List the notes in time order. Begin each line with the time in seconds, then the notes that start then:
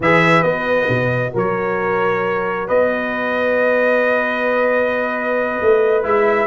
0.00 E3 G#4 B4 E5
0.43 B3 F#4 D#5
0.88 B2
1.33 F#3 A#4 C#5
2.68 B3 B4 D#5
5.61 A3
6.03 G#3 E4 E5